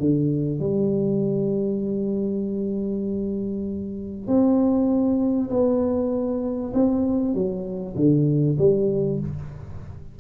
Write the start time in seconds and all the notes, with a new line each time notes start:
0.00 D3
0.60 G3
4.27 C4
5.50 B3
6.74 C4
7.35 F#3
7.96 D3
8.59 G3